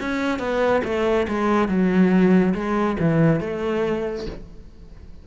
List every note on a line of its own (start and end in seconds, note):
0.00 0.39 C#4
0.39 0.82 B3
0.84 1.27 A3
1.28 1.68 G#3
1.68 2.54 F#3
2.54 2.97 G#3
2.99 3.41 E3
3.41 4.26 A3